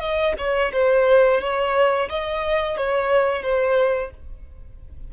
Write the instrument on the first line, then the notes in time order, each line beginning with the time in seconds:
violin
0.00 D#5
0.38 C#5
0.73 C5
1.41 C#5
2.10 D#5
2.78 C#5
3.42 C5